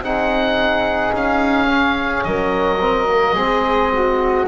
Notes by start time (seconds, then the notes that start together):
0.00 C4 D#4 G#4 F#5
1.12 C#4 F5
1.67 C#4
2.24 F#3 A#4 D#5
2.79 C4
3.09 A#3
3.34 G#3 C4 G#4
3.92 F#4